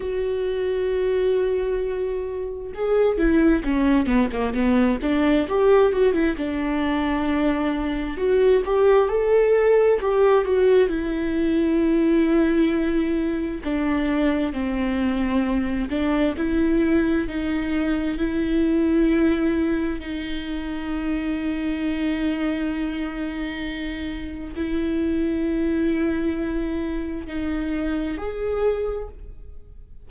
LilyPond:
\new Staff \with { instrumentName = "viola" } { \time 4/4 \tempo 4 = 66 fis'2. gis'8 e'8 | cis'8 b16 ais16 b8 d'8 g'8 fis'16 e'16 d'4~ | d'4 fis'8 g'8 a'4 g'8 fis'8 | e'2. d'4 |
c'4. d'8 e'4 dis'4 | e'2 dis'2~ | dis'2. e'4~ | e'2 dis'4 gis'4 | }